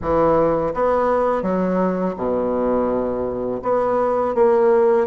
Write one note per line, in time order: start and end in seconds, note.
0.01 0.73 E3
0.74 1.42 B3
1.42 2.14 F#3
2.17 3.61 B2
3.62 4.34 B3
4.34 5.06 A#3